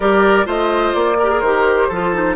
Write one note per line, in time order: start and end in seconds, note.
0.00 0.46 G3
0.00 0.45 G4
0.00 0.46 A#4
0.00 0.47 D5
0.45 0.93 A3
0.45 1.16 F4
0.45 1.17 C5
0.45 0.94 D#5
0.94 1.40 A#3
0.94 1.40 D5
1.18 1.30 G4
1.18 1.88 A#4
1.30 1.42 G#4
1.40 1.88 D#3
1.40 1.92 G4
1.40 2.34 C5
1.88 2.36 F3
1.88 2.14 F4
1.88 2.35 A4
2.14 2.36 D#4